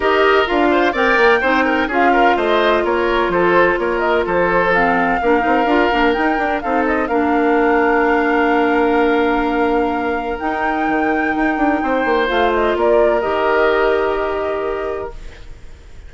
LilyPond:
<<
  \new Staff \with { instrumentName = "flute" } { \time 4/4 \tempo 4 = 127 dis''4 f''4 g''2 | f''4 dis''4 cis''4 c''4 | cis''8 dis''8 c''4 f''2~ | f''4 g''4 f''8 dis''8 f''4~ |
f''1~ | f''2 g''2~ | g''2 f''8 dis''8 d''4 | dis''1 | }
  \new Staff \with { instrumentName = "oboe" } { \time 4/4 ais'4. c''8 d''4 c''8 ais'8 | gis'8 ais'8 c''4 ais'4 a'4 | ais'4 a'2 ais'4~ | ais'2 a'4 ais'4~ |
ais'1~ | ais'1~ | ais'4 c''2 ais'4~ | ais'1 | }
  \new Staff \with { instrumentName = "clarinet" } { \time 4/4 g'4 f'4 ais'4 dis'4 | f'1~ | f'2 c'4 d'8 dis'8 | f'8 d'8 dis'8 d'8 dis'4 d'4~ |
d'1~ | d'2 dis'2~ | dis'2 f'2 | g'1 | }
  \new Staff \with { instrumentName = "bassoon" } { \time 4/4 dis'4 d'4 c'8 ais8 c'4 | cis'4 a4 ais4 f4 | ais4 f2 ais8 c'8 | d'8 ais8 dis'8 d'8 c'4 ais4~ |
ais1~ | ais2 dis'4 dis4 | dis'8 d'8 c'8 ais8 a4 ais4 | dis1 | }
>>